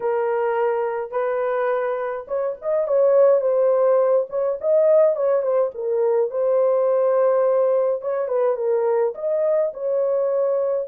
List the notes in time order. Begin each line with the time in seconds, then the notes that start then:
0.00 A#4
1.11 B4
2.27 C#5
2.61 D#5
2.87 C#5
3.40 C5
4.29 C#5
4.61 D#5
5.16 C#5
5.42 C5
5.74 A#4
6.30 C5
8.01 C#5
8.28 B4
8.56 A#4
9.14 D#5
9.73 C#5